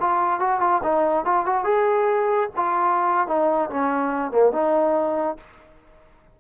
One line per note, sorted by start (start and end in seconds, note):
0.00 0.40 F4
0.40 0.60 F#4
0.60 0.82 F4
0.83 1.25 D#4
1.25 1.46 F4
1.46 1.64 F#4
1.64 2.49 G#4
2.56 3.27 F4
3.27 3.70 D#4
3.70 4.31 C#4
4.31 4.52 A#3
4.52 5.37 D#4